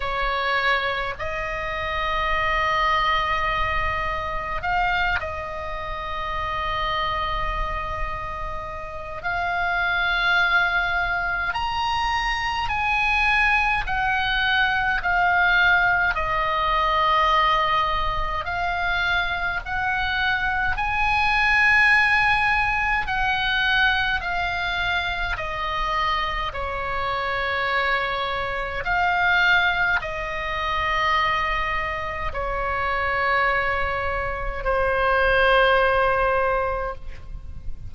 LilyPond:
\new Staff \with { instrumentName = "oboe" } { \time 4/4 \tempo 4 = 52 cis''4 dis''2. | f''8 dis''2.~ dis''8 | f''2 ais''4 gis''4 | fis''4 f''4 dis''2 |
f''4 fis''4 gis''2 | fis''4 f''4 dis''4 cis''4~ | cis''4 f''4 dis''2 | cis''2 c''2 | }